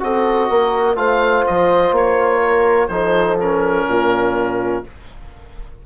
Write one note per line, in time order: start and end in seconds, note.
0.00 0.50 C4
0.00 0.96 F#4
0.00 0.51 A4
0.00 0.97 D#5
0.50 0.96 A#3
0.50 0.98 A#4
0.96 1.44 A3
0.96 2.90 F4
0.96 2.41 C5
0.96 1.45 F5
1.47 1.92 F3
1.47 1.96 D#5
1.92 2.89 A#3
1.92 2.88 C#5
2.41 2.90 A#4
2.88 3.86 F3
2.88 3.39 D#4
2.88 3.88 A4
2.88 3.37 C5
3.40 4.85 C#4
3.40 4.86 A#4
3.88 4.84 A#2
3.88 4.86 F4